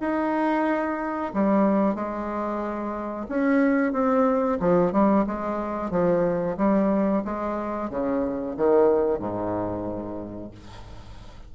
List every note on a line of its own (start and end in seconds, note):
0.00 1.32 D#4
1.33 1.95 G3
1.95 3.27 G#3
3.28 3.93 C#4
3.93 4.59 C4
4.60 4.92 F3
4.92 5.25 G3
5.27 5.91 G#3
5.91 6.57 F3
6.57 7.23 G3
7.25 7.89 G#3
7.89 8.55 C#3
8.57 9.19 D#3
9.19 10.51 G#2